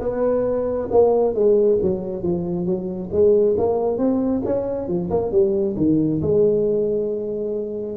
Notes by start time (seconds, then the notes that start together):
0.00 B3
0.91 A#3
1.34 G#3
1.81 F#3
2.23 F3
2.66 F#3
3.12 G#3
3.57 A#3
3.98 C4
4.45 C#4
4.88 F3
5.11 A#3
5.31 G3
5.77 D#3
6.22 G#3